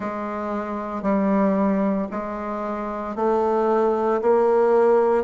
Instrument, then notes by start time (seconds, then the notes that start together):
bassoon
0.00 G#3
1.02 G3
2.11 G#3
3.15 A3
4.21 A#3